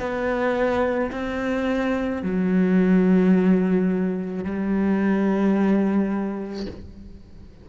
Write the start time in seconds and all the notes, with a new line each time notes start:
0.00 B3
1.12 C4
2.23 F#3
4.44 G3